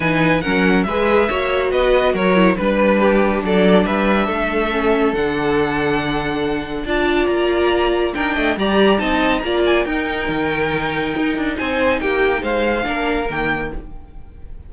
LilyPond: <<
  \new Staff \with { instrumentName = "violin" } { \time 4/4 \tempo 4 = 140 gis''4 fis''4 e''2 | dis''4 cis''4 b'2 | d''4 e''2. | fis''1 |
a''4 ais''2 g''4 | ais''4 a''4 ais''8 gis''8 g''4~ | g''2. gis''4 | g''4 f''2 g''4 | }
  \new Staff \with { instrumentName = "violin" } { \time 4/4 b'4 ais'4 b'4 cis''4 | b'4 ais'4 b'4 g'4 | a'4 b'4 a'2~ | a'1 |
d''2. ais'8 dis''8 | d''4 dis''4 d''4 ais'4~ | ais'2. c''4 | g'4 c''4 ais'2 | }
  \new Staff \with { instrumentName = "viola" } { \time 4/4 dis'4 cis'4 gis'4 fis'4~ | fis'4. e'8 d'2~ | d'2. cis'4 | d'1 |
f'2. d'4 | g'4 dis'4 f'4 dis'4~ | dis'1~ | dis'2 d'4 ais4 | }
  \new Staff \with { instrumentName = "cello" } { \time 4/4 e4 fis4 gis4 ais4 | b4 fis4 g2 | fis4 g4 a2 | d1 |
d'4 ais2 dis'8 a8 | g4 c'4 ais4 dis'4 | dis2 dis'8 d'8 c'4 | ais4 gis4 ais4 dis4 | }
>>